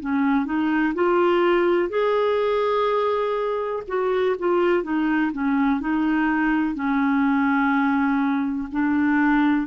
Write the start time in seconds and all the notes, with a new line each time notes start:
0.00 C#4
0.45 D#4
0.95 F4
1.89 G#4
3.88 F#4
4.39 F4
4.83 D#4
5.32 C#4
5.81 D#4
6.75 C#4
8.71 D4